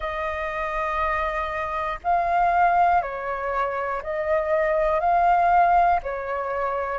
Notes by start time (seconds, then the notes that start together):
0.00 D#5
2.03 F5
3.01 C#5
4.03 D#5
5.00 F5
6.02 C#5